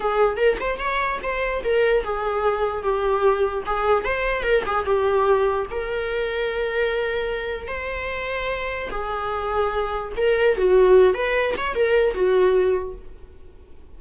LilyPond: \new Staff \with { instrumentName = "viola" } { \time 4/4 \tempo 4 = 148 gis'4 ais'8 c''8 cis''4 c''4 | ais'4 gis'2 g'4~ | g'4 gis'4 c''4 ais'8 gis'8 | g'2 ais'2~ |
ais'2. c''4~ | c''2 gis'2~ | gis'4 ais'4 fis'4. b'8~ | b'8 cis''8 ais'4 fis'2 | }